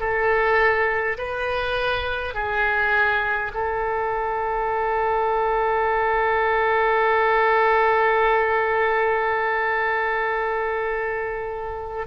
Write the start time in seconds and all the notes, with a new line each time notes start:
0.00 A4
1.18 B4
2.34 G#4
3.54 A4